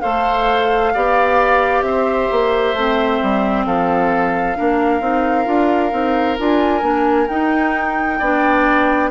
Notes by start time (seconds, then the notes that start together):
0.00 A3 A4 C5 F5
0.94 B3 G4 D5
1.82 C4 C5 E5
2.31 A#3
2.74 A3 C4
3.22 G3
3.66 F3 A4 F5
4.55 A#3 D4 A#4
5.00 C4 D#4
5.45 D4 F4
5.90 C4 D#4
6.38 D4 F4 G#5
6.81 A#3 D4
7.27 D#4 G5
8.18 B3 D4 D5